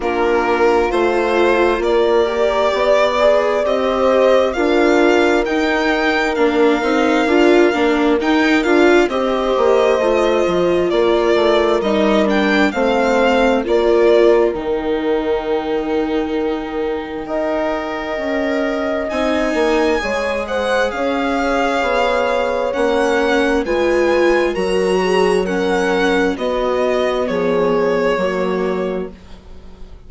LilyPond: <<
  \new Staff \with { instrumentName = "violin" } { \time 4/4 \tempo 4 = 66 ais'4 c''4 d''2 | dis''4 f''4 g''4 f''4~ | f''4 g''8 f''8 dis''2 | d''4 dis''8 g''8 f''4 d''4 |
g''1~ | g''4 gis''4. fis''8 f''4~ | f''4 fis''4 gis''4 ais''4 | fis''4 dis''4 cis''2 | }
  \new Staff \with { instrumentName = "horn" } { \time 4/4 f'2 ais'4 d''4~ | d''16 c''8. ais'2.~ | ais'2 c''2 | ais'2 c''4 ais'4~ |
ais'2. dis''4~ | dis''2 cis''8 c''8 cis''4~ | cis''2 b'4 ais'8 gis'8 | ais'4 fis'4 gis'4 fis'4 | }
  \new Staff \with { instrumentName = "viola" } { \time 4/4 d'4 f'4. g'4 gis'8 | g'4 f'4 dis'4 d'8 dis'8 | f'8 d'8 dis'8 f'8 g'4 f'4~ | f'4 dis'8 d'8 c'4 f'4 |
dis'2. ais'4~ | ais'4 dis'4 gis'2~ | gis'4 cis'4 f'4 fis'4 | cis'4 b2 ais4 | }
  \new Staff \with { instrumentName = "bassoon" } { \time 4/4 ais4 a4 ais4 b4 | c'4 d'4 dis'4 ais8 c'8 | d'8 ais8 dis'8 d'8 c'8 ais8 a8 f8 | ais8 a8 g4 a4 ais4 |
dis2. dis'4 | cis'4 c'8 ais8 gis4 cis'4 | b4 ais4 gis4 fis4~ | fis4 b4 f4 fis4 | }
>>